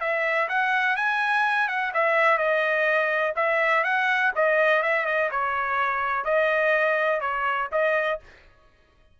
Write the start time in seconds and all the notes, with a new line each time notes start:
0.00 E5
0.48 F#5
0.96 G#5
1.68 F#5
1.94 E5
2.38 D#5
3.36 E5
3.84 F#5
4.35 D#5
4.83 E5
5.06 D#5
5.31 C#5
6.24 D#5
7.20 C#5
7.72 D#5